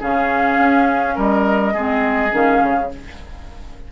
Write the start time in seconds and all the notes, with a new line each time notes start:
0.00 C#3 C#4 G#4 F5
0.59 C#4
1.15 G3 A#4 D#5
1.74 G#3 C4 G#4
2.31 D#3 C#4 F5
2.63 C#3